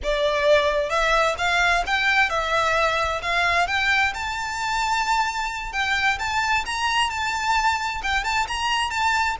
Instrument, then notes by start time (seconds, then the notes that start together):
violin
0.03 D5
0.89 E5
1.37 F5
1.86 G5
2.29 E5
3.21 F5
3.67 G5
4.14 A5
5.72 G5
6.18 A5
6.65 A#5
7.10 A5
8.02 G5
8.23 A5
8.47 A#5
8.90 A5